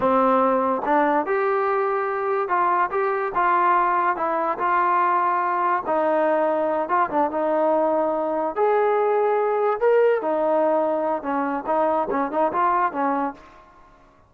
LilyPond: \new Staff \with { instrumentName = "trombone" } { \time 4/4 \tempo 4 = 144 c'2 d'4 g'4~ | g'2 f'4 g'4 | f'2 e'4 f'4~ | f'2 dis'2~ |
dis'8 f'8 d'8 dis'2~ dis'8~ | dis'8 gis'2. ais'8~ | ais'8 dis'2~ dis'8 cis'4 | dis'4 cis'8 dis'8 f'4 cis'4 | }